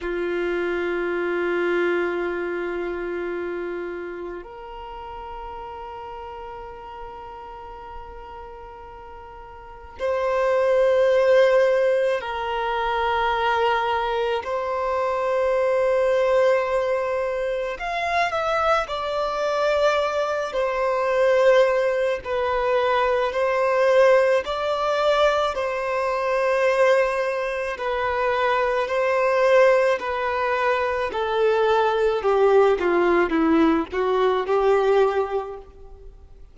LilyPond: \new Staff \with { instrumentName = "violin" } { \time 4/4 \tempo 4 = 54 f'1 | ais'1~ | ais'4 c''2 ais'4~ | ais'4 c''2. |
f''8 e''8 d''4. c''4. | b'4 c''4 d''4 c''4~ | c''4 b'4 c''4 b'4 | a'4 g'8 f'8 e'8 fis'8 g'4 | }